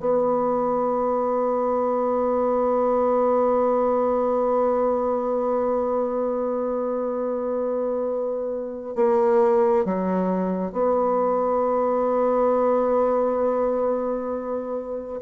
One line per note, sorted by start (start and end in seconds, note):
0.00 8.96 B3
8.96 9.85 A#3
9.85 10.73 F#3
10.73 15.20 B3